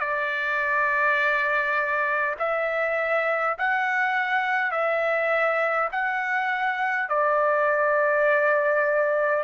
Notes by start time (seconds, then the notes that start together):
0.00 D5
2.39 E5
3.58 F#5
4.72 E5
5.92 F#5
7.09 D5